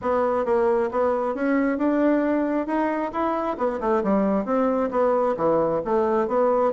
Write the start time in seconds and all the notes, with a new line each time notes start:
0.01 B3
0.45 A#3
0.91 B3
1.35 C#4
1.77 D4
2.66 D#4
3.12 E4
3.57 B3
3.80 A3
4.03 G3
4.45 C4
4.91 B3
5.36 E3
5.84 A3
6.27 B3